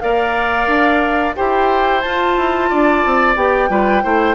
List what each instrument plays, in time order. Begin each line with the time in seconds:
0.00 bassoon A#3, clarinet A#4, oboe D5, flute F5
0.67 bassoon D4
1.35 bassoon E4, clarinet G4, oboe C5, flute G5
2.01 clarinet F4, bassoon F4, flute A5
2.37 bassoon E4
2.69 bassoon D4, oboe D5
3.05 bassoon C4
3.36 bassoon B3, clarinet G4, flute G5
3.69 bassoon G3, clarinet F4, oboe B4
4.03 bassoon A3, clarinet E4, oboe C5